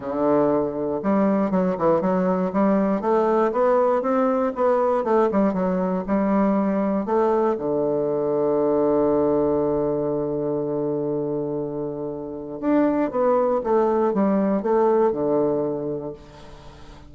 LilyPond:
\new Staff \with { instrumentName = "bassoon" } { \time 4/4 \tempo 4 = 119 d2 g4 fis8 e8 | fis4 g4 a4 b4 | c'4 b4 a8 g8 fis4 | g2 a4 d4~ |
d1~ | d1~ | d4 d'4 b4 a4 | g4 a4 d2 | }